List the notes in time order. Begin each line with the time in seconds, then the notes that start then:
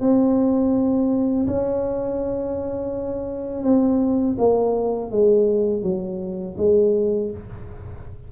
0.00 C4
1.47 C#4
3.63 C4
4.38 A#3
5.11 G#3
5.83 F#3
6.57 G#3